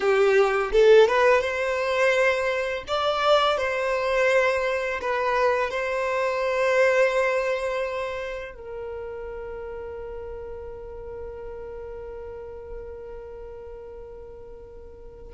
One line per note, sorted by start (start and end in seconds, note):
0.00 0.71 G4
0.72 1.07 A4
1.07 1.41 B4
1.41 2.84 C5
2.87 3.57 D5
3.57 5.00 C5
5.01 5.70 B4
5.70 8.54 C5
8.54 15.33 A#4